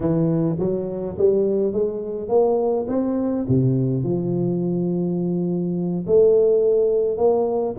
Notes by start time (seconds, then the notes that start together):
0.00 E3
0.59 F#3
1.18 G3
1.72 G#3
2.28 A#3
2.87 C4
3.48 C3
4.03 F3
6.07 A3
7.17 A#3